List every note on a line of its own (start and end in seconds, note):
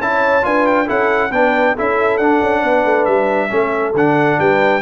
0.00 0.44 C#4
0.00 0.42 E4
0.00 0.45 C#5
0.00 0.45 A5
0.42 0.88 D4
0.42 0.86 F4
0.42 0.86 B4
0.42 0.66 G#5
0.66 0.88 G5
0.86 1.31 C#4
0.86 1.30 E4
0.86 1.30 A4
0.86 1.32 F#5
1.31 1.74 B3
1.31 1.76 D4
1.31 1.75 B4
1.31 1.75 G5
1.75 2.18 C#4
1.75 2.20 E4
1.75 2.61 A4
1.75 2.17 E5
2.17 2.40 D4
2.17 3.49 D4
2.17 3.05 F#5
2.41 2.63 C#4
2.61 2.85 B3
2.61 3.48 B4
2.85 3.07 A3
3.05 3.50 G3
3.05 3.92 E5
3.49 3.93 A3
3.49 3.93 C#4
3.49 4.39 A4
3.93 4.37 D3
3.93 4.81 D4
3.93 4.40 F#5
4.39 4.81 G3
4.39 4.81 B4
4.39 4.81 G5